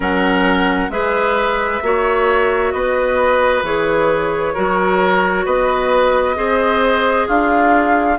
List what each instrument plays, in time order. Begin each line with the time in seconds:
0.00 bassoon F#3, clarinet C#4, oboe A#4, flute F#5
0.88 bassoon G#3, clarinet G#4, oboe B4, flute E5
1.82 bassoon A#3, clarinet F#4, oboe C#5
2.72 bassoon B3, oboe B4, flute D#5
3.62 bassoon E3, clarinet G#4, flute C#5
4.54 bassoon F#3, clarinet F#4, oboe A#4
5.45 bassoon B3, oboe B4, flute D#5
6.35 bassoon C4, clarinet G#4, oboe C5
7.27 bassoon D4, oboe F4, flute F5